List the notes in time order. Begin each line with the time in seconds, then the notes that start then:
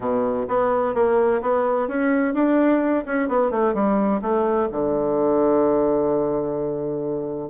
0.00 B2
0.48 B3
0.94 A#3
1.41 B3
1.88 C#4
2.34 D4
3.05 C#4
3.28 B3
3.50 A3
3.74 G3
4.21 A3
4.71 D3